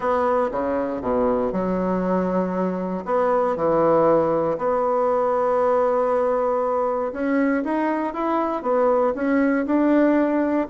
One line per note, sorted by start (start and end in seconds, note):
0.00 0.50 B3
0.51 1.01 C#3
1.01 1.52 B2
1.52 3.04 F#3
3.05 3.56 B3
3.56 4.57 E3
4.58 7.12 B3
7.12 7.63 C#4
7.63 8.13 D#4
8.13 8.62 E4
8.62 9.13 B3
9.15 9.65 C#4
9.66 10.67 D4